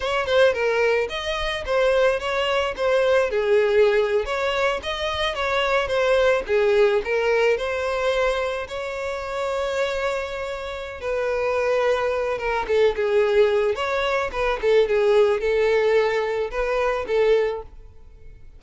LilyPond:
\new Staff \with { instrumentName = "violin" } { \time 4/4 \tempo 4 = 109 cis''8 c''8 ais'4 dis''4 c''4 | cis''4 c''4 gis'4.~ gis'16 cis''16~ | cis''8. dis''4 cis''4 c''4 gis'16~ | gis'8. ais'4 c''2 cis''16~ |
cis''1 | b'2~ b'8 ais'8 a'8 gis'8~ | gis'4 cis''4 b'8 a'8 gis'4 | a'2 b'4 a'4 | }